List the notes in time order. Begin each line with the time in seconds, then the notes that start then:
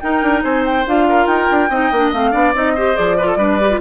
0.00 D#4 A#4 G5
0.22 D4
0.43 C4 C5 G#5
0.65 G5
0.86 D4 F4 F5
1.08 A#4
1.26 D#4 G5
1.50 D4
1.69 C4 D#4 D#5
1.91 A#3 D4
2.12 A3 C4 F5
2.31 B3 D4 D5
2.54 C4 D#4 D#5
2.75 G4 C5
2.94 F3 G#4 D5
3.17 F4 B4
3.26 A4
3.36 G3 D4 B4
3.60 G4
3.70 F4